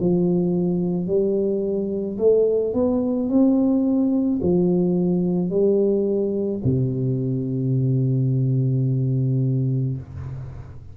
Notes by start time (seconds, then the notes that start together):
0.00 F3
1.07 G3
2.18 A3
2.74 B3
3.29 C4
4.42 F3
5.50 G3
6.64 C3